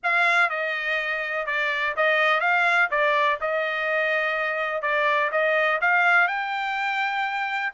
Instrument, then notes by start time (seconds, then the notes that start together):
trumpet
0.03 F5
0.49 D#5
1.46 D5
1.96 D#5
2.40 F5
2.91 D5
3.40 D#5
4.82 D5
5.31 D#5
5.81 F5
6.27 G5